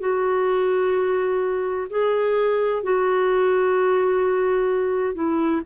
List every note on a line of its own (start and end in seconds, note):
0.00 1.87 F#4
1.90 2.83 G#4
2.83 5.15 F#4
5.15 5.62 E4